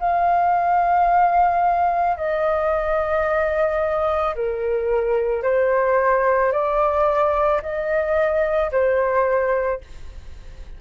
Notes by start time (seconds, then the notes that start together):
0.00 F5
2.17 D#5
4.36 A#4
5.43 C5
6.53 D5
7.63 D#5
8.72 C5